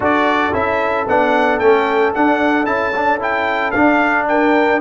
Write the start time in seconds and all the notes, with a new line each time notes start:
0.00 D4 F#4 A4 D5
0.52 C#4 E4 E5
1.08 B3 D4 F#5
1.59 A3 C#4 G5
2.14 D4 F#5
2.65 C#4 E4 A5
2.95 D4
3.19 E4 G5
3.71 D4 F5
4.28 A#4 G5